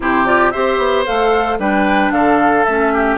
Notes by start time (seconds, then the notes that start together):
0.00 C3 E4 G4 C5
0.25 F4 D5
0.50 C4 G4 C5 E5
0.78 B3
1.06 A3 A4 F5
1.58 G3 D4 B4 G5
2.11 D3 A4 F5
2.64 A3 C#4 E5
2.93 G4